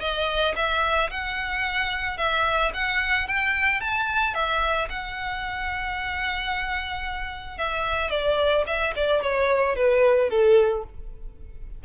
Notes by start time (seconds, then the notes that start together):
0.00 D#5
0.56 E5
1.10 F#5
2.17 E5
2.73 F#5
3.27 G5
3.80 A5
4.34 E5
4.89 F#5
7.57 E5
8.10 D5
8.66 E5
8.95 D5
9.22 C#5
9.75 B4
10.29 A4